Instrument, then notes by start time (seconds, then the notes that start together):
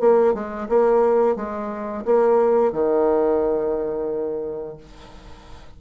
bassoon
0.00 A#3
0.34 G#3
0.69 A#3
1.36 G#3
2.05 A#3
2.72 D#3